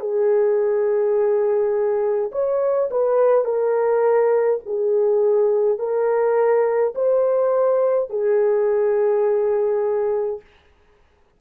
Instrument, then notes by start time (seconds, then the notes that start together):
horn
0.00 G#4
2.32 C#5
2.91 B4
3.45 A#4
4.66 G#4
5.78 A#4
6.95 C5
8.10 G#4